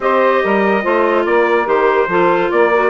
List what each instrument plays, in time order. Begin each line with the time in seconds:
0.00 bassoon C4, clarinet G4, saxophone C5, trumpet D#5
0.43 bassoon G3, saxophone A#4
0.82 bassoon A3, clarinet F4, saxophone C5
1.25 bassoon A#3, saxophone A#4, trumpet D5
1.65 bassoon D#3, clarinet G4, trumpet C5
2.07 bassoon F3, clarinet F4, saxophone A4
2.50 bassoon A#3, saxophone A#4, trumpet D5
2.73 clarinet F#4